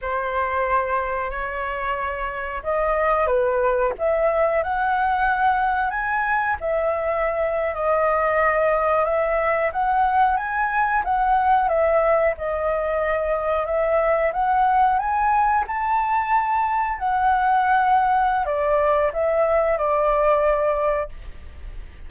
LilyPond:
\new Staff \with { instrumentName = "flute" } { \time 4/4 \tempo 4 = 91 c''2 cis''2 | dis''4 b'4 e''4 fis''4~ | fis''4 gis''4 e''4.~ e''16 dis''16~ | dis''4.~ dis''16 e''4 fis''4 gis''16~ |
gis''8. fis''4 e''4 dis''4~ dis''16~ | dis''8. e''4 fis''4 gis''4 a''16~ | a''4.~ a''16 fis''2~ fis''16 | d''4 e''4 d''2 | }